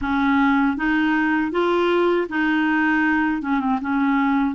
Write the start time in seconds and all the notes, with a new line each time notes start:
0.01 C#4
0.76 D#4
1.51 F4
2.29 D#4
3.41 C#4
3.60 C4
3.81 C#4